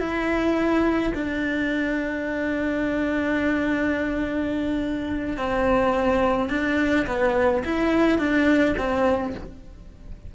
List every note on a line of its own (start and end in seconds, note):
0.00 1.13 E4
1.15 5.37 D4
5.37 6.50 C4
6.50 7.07 D4
7.07 7.64 B3
7.65 8.19 E4
8.19 8.75 D4
8.78 9.34 C4